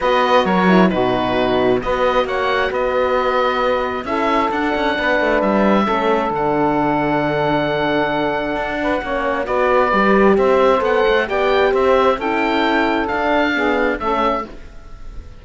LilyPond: <<
  \new Staff \with { instrumentName = "oboe" } { \time 4/4 \tempo 4 = 133 dis''4 cis''4 b'2 | dis''4 fis''4 dis''2~ | dis''4 e''4 fis''2 | e''2 fis''2~ |
fis''1~ | fis''4 d''2 e''4 | fis''4 g''4 e''4 g''4~ | g''4 f''2 e''4 | }
  \new Staff \with { instrumentName = "saxophone" } { \time 4/4 b'4 ais'4 fis'2 | b'4 cis''4 b'2~ | b'4 a'2 b'4~ | b'4 a'2.~ |
a'2.~ a'8 b'8 | cis''4 b'2 c''4~ | c''4 d''4 c''4 a'4~ | a'2 gis'4 a'4 | }
  \new Staff \with { instrumentName = "horn" } { \time 4/4 fis'4. e'8 dis'2 | fis'1~ | fis'4 e'4 d'2~ | d'4 cis'4 d'2~ |
d'1 | cis'4 fis'4 g'2 | a'4 g'2 e'4~ | e'4 d'4 b4 cis'4 | }
  \new Staff \with { instrumentName = "cello" } { \time 4/4 b4 fis4 b,2 | b4 ais4 b2~ | b4 cis'4 d'8 cis'8 b8 a8 | g4 a4 d2~ |
d2. d'4 | ais4 b4 g4 c'4 | b8 a8 b4 c'4 cis'4~ | cis'4 d'2 a4 | }
>>